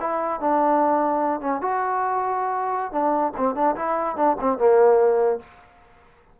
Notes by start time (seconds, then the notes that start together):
0.00 E4
0.40 D4
1.41 C#4
1.61 F#4
2.92 D4
3.37 C4
3.55 D4
3.76 E4
4.16 D4
4.40 C4
4.58 A#3